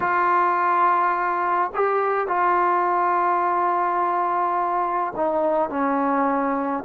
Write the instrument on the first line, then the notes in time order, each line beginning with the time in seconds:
trombone
0.00 F4
1.74 G4
2.27 F4
5.16 D#4
5.69 C#4